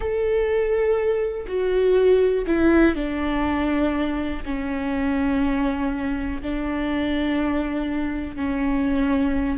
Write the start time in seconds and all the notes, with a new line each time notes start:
0.00 A4
1.47 F#4
2.46 E4
2.95 D4
4.45 C#4
6.42 D4
8.36 C#4